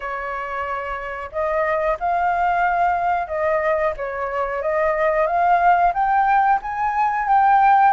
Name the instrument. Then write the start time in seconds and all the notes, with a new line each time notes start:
flute
0.00 C#5
1.32 D#5
1.99 F5
3.27 D#5
3.97 C#5
4.62 D#5
5.26 F5
5.93 G5
6.61 G#5
7.27 G5